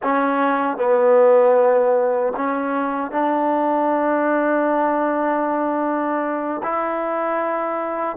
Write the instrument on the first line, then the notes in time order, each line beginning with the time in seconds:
trombone
0.02 C#4
0.77 B3
2.36 C#4
3.11 D4
6.63 E4